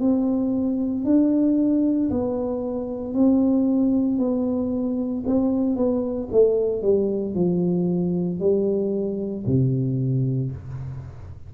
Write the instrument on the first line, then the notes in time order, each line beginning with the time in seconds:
tuba
0.00 C4
1.05 D4
2.11 B3
3.14 C4
4.19 B3
5.27 C4
5.77 B3
6.32 A3
6.83 G3
7.35 F3
8.40 G3
9.47 C3